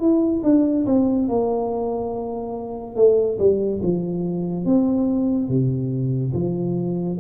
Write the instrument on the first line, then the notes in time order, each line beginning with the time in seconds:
tuba
0.00 E4
0.44 D4
0.86 C4
1.29 A#3
2.96 A3
3.39 G3
3.83 F3
4.66 C4
5.49 C3
6.34 F3